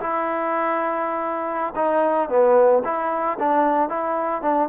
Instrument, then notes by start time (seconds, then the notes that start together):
trombone
0.00 E4
1.76 D#4
2.29 B3
2.84 E4
3.39 D4
3.89 E4
4.42 D4